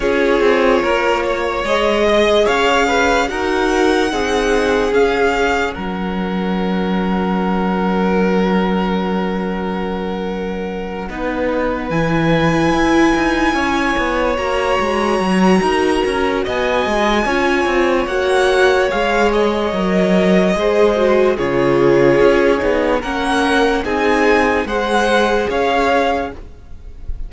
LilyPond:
<<
  \new Staff \with { instrumentName = "violin" } { \time 4/4 \tempo 4 = 73 cis''2 dis''4 f''4 | fis''2 f''4 fis''4~ | fis''1~ | fis''2~ fis''8 gis''4.~ |
gis''4. ais''2~ ais''8 | gis''2 fis''4 f''8 dis''8~ | dis''2 cis''2 | fis''4 gis''4 fis''4 f''4 | }
  \new Staff \with { instrumentName = "violin" } { \time 4/4 gis'4 ais'8 cis''4 dis''8 cis''8 b'8 | ais'4 gis'2 ais'4~ | ais'1~ | ais'4. b'2~ b'8~ |
b'8 cis''2~ cis''8 ais'4 | dis''4 cis''2.~ | cis''4 c''4 gis'2 | ais'4 gis'4 c''4 cis''4 | }
  \new Staff \with { instrumentName = "viola" } { \time 4/4 f'2 gis'2 | fis'4 dis'4 cis'2~ | cis'1~ | cis'4. dis'4 e'4.~ |
e'4. fis'2~ fis'8~ | fis'4 f'4 fis'4 gis'4 | ais'4 gis'8 fis'8 f'4. dis'8 | cis'4 dis'4 gis'2 | }
  \new Staff \with { instrumentName = "cello" } { \time 4/4 cis'8 c'8 ais4 gis4 cis'4 | dis'4 c'4 cis'4 fis4~ | fis1~ | fis4. b4 e4 e'8 |
dis'8 cis'8 b8 ais8 gis8 fis8 dis'8 cis'8 | b8 gis8 cis'8 c'8 ais4 gis4 | fis4 gis4 cis4 cis'8 b8 | ais4 c'4 gis4 cis'4 | }
>>